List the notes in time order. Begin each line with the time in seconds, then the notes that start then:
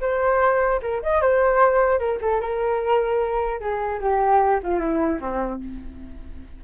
0.00 C5
0.82 A#4
1.02 D#5
1.21 C5
1.99 A#4
2.21 A4
2.40 A#4
3.60 G#4
4.00 G4
4.63 F4
4.79 E4
5.20 C4